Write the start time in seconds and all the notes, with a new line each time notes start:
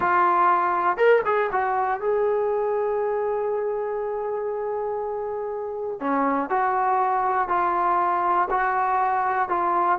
0.00 F4
0.97 A#4
1.25 G#4
1.52 F#4
2.00 G#4
6.00 C#4
6.49 F#4
7.48 F4
8.50 F#4
9.48 F4